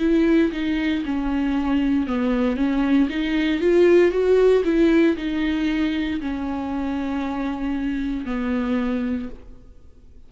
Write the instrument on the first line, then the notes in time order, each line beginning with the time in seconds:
viola
0.00 E4
0.52 D#4
1.06 C#4
2.07 B3
2.57 C#4
3.10 D#4
3.61 F4
4.11 F#4
4.65 E4
5.17 D#4
6.21 C#4
8.26 B3